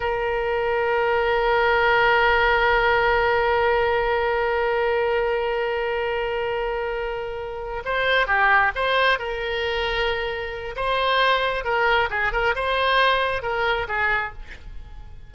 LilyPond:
\new Staff \with { instrumentName = "oboe" } { \time 4/4 \tempo 4 = 134 ais'1~ | ais'1~ | ais'1~ | ais'1~ |
ais'4. c''4 g'4 c''8~ | c''8 ais'2.~ ais'8 | c''2 ais'4 gis'8 ais'8 | c''2 ais'4 gis'4 | }